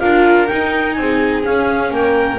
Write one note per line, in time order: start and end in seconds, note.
0.00 0.50 D4
0.00 0.48 F4
0.00 0.95 A#4
0.00 0.47 F5
0.47 1.43 D#4
0.47 0.98 D#4
0.47 0.94 G5
0.94 1.46 C4
0.94 1.42 G#5
1.01 1.95 G#4
1.43 2.38 C#4
1.43 1.91 C#4
1.43 1.93 F5
1.91 2.38 A#3
1.91 2.39 A#4
1.91 2.39 G5